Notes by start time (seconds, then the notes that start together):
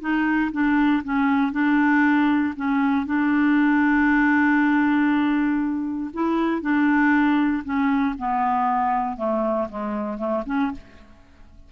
0.00 D#4
0.52 D4
1.04 C#4
1.52 D4
2.56 C#4
3.06 D4
6.13 E4
6.61 D4
7.64 C#4
8.18 B3
9.17 A3
9.69 G#3
10.17 A3
10.46 C#4